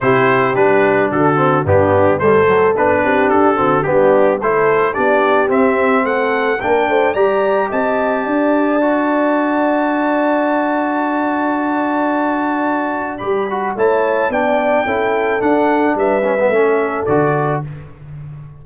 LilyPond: <<
  \new Staff \with { instrumentName = "trumpet" } { \time 4/4 \tempo 4 = 109 c''4 b'4 a'4 g'4 | c''4 b'4 a'4 g'4 | c''4 d''4 e''4 fis''4 | g''4 ais''4 a''2~ |
a''1~ | a''1 | b''4 a''4 g''2 | fis''4 e''2 d''4 | }
  \new Staff \with { instrumentName = "horn" } { \time 4/4 g'2 fis'4 d'4 | a'4. g'4 fis'8 d'4 | a'4 g'2 a'4 | ais'8 c''8 d''4 dis''4 d''4~ |
d''1~ | d''1~ | d''4 cis''4 d''4 a'4~ | a'4 b'4 a'2 | }
  \new Staff \with { instrumentName = "trombone" } { \time 4/4 e'4 d'4. c'8 b4 | g8 fis8 d'4. c'8 b4 | e'4 d'4 c'2 | d'4 g'2. |
fis'1~ | fis'1 | g'8 fis'8 e'4 d'4 e'4 | d'4. cis'16 b16 cis'4 fis'4 | }
  \new Staff \with { instrumentName = "tuba" } { \time 4/4 c4 g4 d4 g,4 | a4 b8 c'8 d'8 d8 g4 | a4 b4 c'4 a4 | ais8 a8 g4 c'4 d'4~ |
d'1~ | d'1 | g4 a4 b4 cis'4 | d'4 g4 a4 d4 | }
>>